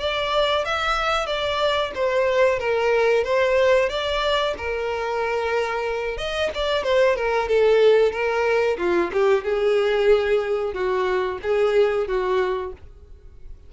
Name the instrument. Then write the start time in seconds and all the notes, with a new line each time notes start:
violin
0.00 D5
0.65 E5
1.27 D5
1.95 C5
2.60 A#4
3.24 C5
3.90 D5
4.58 A#4
6.18 D#5
6.55 D5
6.84 C5
7.17 A#4
7.49 A4
8.12 A#4
8.78 F4
9.13 G4
9.44 G#4
10.74 F#4
11.43 G#4
12.08 F#4